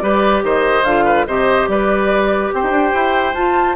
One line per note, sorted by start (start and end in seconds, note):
0.00 0.43 G3
0.00 0.85 G4
0.00 0.44 B4
0.00 0.42 D5
0.43 0.83 D#3
0.43 1.05 C5
0.43 0.84 D#5
0.83 1.25 D3
0.83 1.28 F4
0.83 1.26 F5
1.05 1.26 B4
1.27 1.68 C3
1.27 3.35 G4
1.27 1.69 C5
1.27 1.68 D#5
1.68 2.51 G3
1.68 2.55 B4
1.68 2.52 D5
2.54 2.63 C4
2.54 3.76 C5
2.54 3.34 G5
2.63 2.71 D#4
2.71 2.92 D4
2.94 3.34 E4
3.34 3.76 F4
3.34 3.76 A5